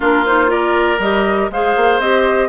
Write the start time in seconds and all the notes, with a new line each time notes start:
0.00 A#3 D4 F4 A#4
0.25 D#4 C5
0.47 F4 A#4 D5
0.98 G3 G4 D#5
1.50 G#3 G#4 C5 F5
1.76 A#3
1.99 C4 G4 D#5